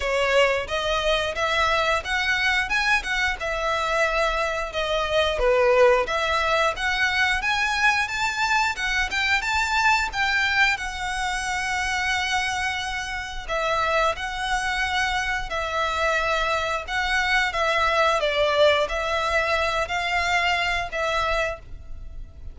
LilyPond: \new Staff \with { instrumentName = "violin" } { \time 4/4 \tempo 4 = 89 cis''4 dis''4 e''4 fis''4 | gis''8 fis''8 e''2 dis''4 | b'4 e''4 fis''4 gis''4 | a''4 fis''8 g''8 a''4 g''4 |
fis''1 | e''4 fis''2 e''4~ | e''4 fis''4 e''4 d''4 | e''4. f''4. e''4 | }